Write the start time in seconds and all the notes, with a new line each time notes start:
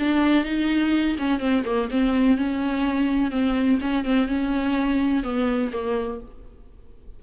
0.00 D4
0.45 D#4
1.19 C#4
1.40 C4
1.66 A#3
1.91 C4
2.38 C#4
3.31 C4
3.81 C#4
4.05 C4
4.28 C#4
5.24 B3
5.73 A#3